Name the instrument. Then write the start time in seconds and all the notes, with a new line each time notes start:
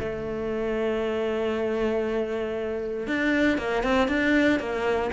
cello
0.00 A3
3.07 D4
3.58 A#3
3.84 C4
4.09 D4
4.60 A#3